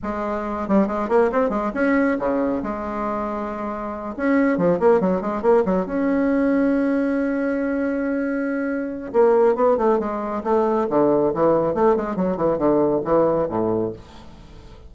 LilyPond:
\new Staff \with { instrumentName = "bassoon" } { \time 4/4 \tempo 4 = 138 gis4. g8 gis8 ais8 c'8 gis8 | cis'4 cis4 gis2~ | gis4. cis'4 f8 ais8 fis8 | gis8 ais8 fis8 cis'2~ cis'8~ |
cis'1~ | cis'4 ais4 b8 a8 gis4 | a4 d4 e4 a8 gis8 | fis8 e8 d4 e4 a,4 | }